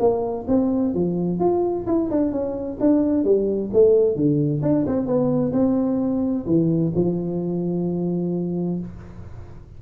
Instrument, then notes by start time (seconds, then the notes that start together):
tuba
0.00 A#3
0.48 C4
0.94 F3
1.40 F4
1.87 E4
2.10 D4
2.32 C#4
2.80 D4
3.24 G3
3.73 A3
4.16 D3
4.62 D4
4.87 C4
5.06 B3
5.53 C4
6.46 E3
6.95 F3